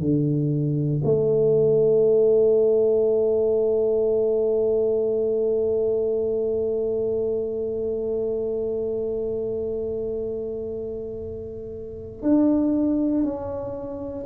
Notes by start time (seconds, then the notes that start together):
0.00 D3
1.04 A3
12.22 D4
13.24 C#4